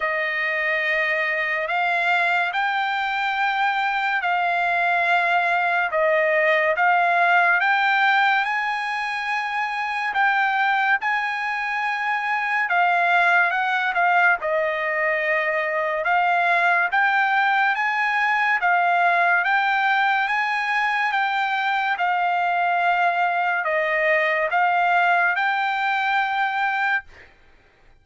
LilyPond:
\new Staff \with { instrumentName = "trumpet" } { \time 4/4 \tempo 4 = 71 dis''2 f''4 g''4~ | g''4 f''2 dis''4 | f''4 g''4 gis''2 | g''4 gis''2 f''4 |
fis''8 f''8 dis''2 f''4 | g''4 gis''4 f''4 g''4 | gis''4 g''4 f''2 | dis''4 f''4 g''2 | }